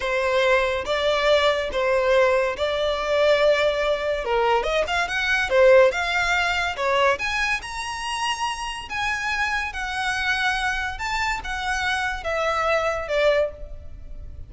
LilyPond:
\new Staff \with { instrumentName = "violin" } { \time 4/4 \tempo 4 = 142 c''2 d''2 | c''2 d''2~ | d''2 ais'4 dis''8 f''8 | fis''4 c''4 f''2 |
cis''4 gis''4 ais''2~ | ais''4 gis''2 fis''4~ | fis''2 a''4 fis''4~ | fis''4 e''2 d''4 | }